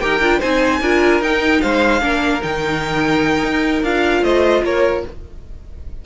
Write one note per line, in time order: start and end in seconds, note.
0.00 0.20 D#4
0.00 0.21 G4
0.00 0.40 A#4
0.00 0.40 G5
0.20 0.41 D4
0.20 0.42 F4
0.40 0.81 C4
0.40 0.82 D#4
0.40 0.80 C5
0.40 1.22 G#5
0.81 1.21 D4
0.81 1.23 F4
0.81 1.62 A#4
1.21 1.61 D#4
1.21 2.01 D#4
1.21 1.61 G5
1.61 2.02 G#3
1.61 2.02 C5
1.61 2.42 F5
2.01 2.42 A#3
2.01 2.41 D4
2.01 4.23 A#4
2.42 3.43 D#3
2.42 3.83 D#4
2.42 3.84 G5
3.43 3.83 D#4
3.83 4.22 D4
3.83 5.06 F4
3.83 4.24 F5
4.22 4.62 A3
4.22 4.63 C5
4.22 4.64 D#5
4.63 5.03 A#3
4.63 5.06 A#4
4.63 5.05 C#5